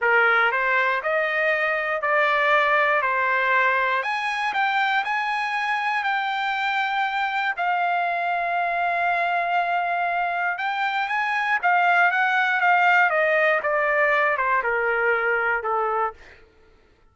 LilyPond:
\new Staff \with { instrumentName = "trumpet" } { \time 4/4 \tempo 4 = 119 ais'4 c''4 dis''2 | d''2 c''2 | gis''4 g''4 gis''2 | g''2. f''4~ |
f''1~ | f''4 g''4 gis''4 f''4 | fis''4 f''4 dis''4 d''4~ | d''8 c''8 ais'2 a'4 | }